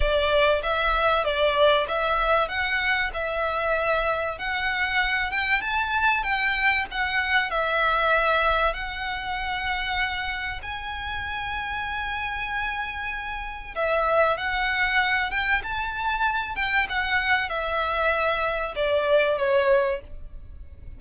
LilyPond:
\new Staff \with { instrumentName = "violin" } { \time 4/4 \tempo 4 = 96 d''4 e''4 d''4 e''4 | fis''4 e''2 fis''4~ | fis''8 g''8 a''4 g''4 fis''4 | e''2 fis''2~ |
fis''4 gis''2.~ | gis''2 e''4 fis''4~ | fis''8 g''8 a''4. g''8 fis''4 | e''2 d''4 cis''4 | }